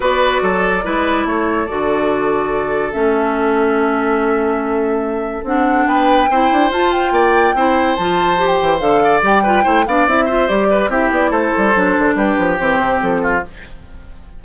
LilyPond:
<<
  \new Staff \with { instrumentName = "flute" } { \time 4/4 \tempo 4 = 143 d''2. cis''4 | d''2. e''4~ | e''1~ | e''4 fis''4 g''2 |
a''8 g''2~ g''8 a''4~ | a''16 g''8. f''4 g''4. f''8 | e''4 d''4 e''8 d''8 c''4~ | c''4 b'4 c''4 a'4 | }
  \new Staff \with { instrumentName = "oboe" } { \time 4/4 b'4 a'4 b'4 a'4~ | a'1~ | a'1~ | a'2 b'4 c''4~ |
c''4 d''4 c''2~ | c''4. d''4 b'8 c''8 d''8~ | d''8 c''4 b'8 g'4 a'4~ | a'4 g'2~ g'8 f'8 | }
  \new Staff \with { instrumentName = "clarinet" } { \time 4/4 fis'2 e'2 | fis'2. cis'4~ | cis'1~ | cis'4 d'2 e'4 |
f'2 e'4 f'4 | g'4 a'4 g'8 f'8 e'8 d'8 | e'8 f'8 g'4 e'2 | d'2 c'2 | }
  \new Staff \with { instrumentName = "bassoon" } { \time 4/4 b4 fis4 gis4 a4 | d2. a4~ | a1~ | a4 c'4 b4 c'8 d'8 |
f'4 ais4 c'4 f4~ | f8 e8 d4 g4 a8 b8 | c'4 g4 c'8 b8 a8 g8 | fis8 d8 g8 f8 e8 c8 f4 | }
>>